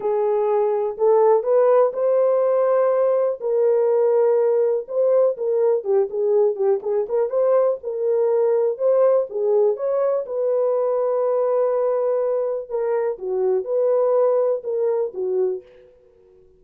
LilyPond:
\new Staff \with { instrumentName = "horn" } { \time 4/4 \tempo 4 = 123 gis'2 a'4 b'4 | c''2. ais'4~ | ais'2 c''4 ais'4 | g'8 gis'4 g'8 gis'8 ais'8 c''4 |
ais'2 c''4 gis'4 | cis''4 b'2.~ | b'2 ais'4 fis'4 | b'2 ais'4 fis'4 | }